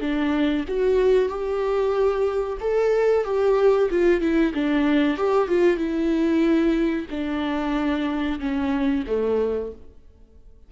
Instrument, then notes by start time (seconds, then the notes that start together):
viola
0.00 D4
0.68 F#4
1.28 G4
2.60 A4
3.24 G4
3.90 F4
4.20 E4
4.54 D4
5.17 G4
5.48 F4
5.77 E4
7.10 D4
8.39 C#4
9.07 A3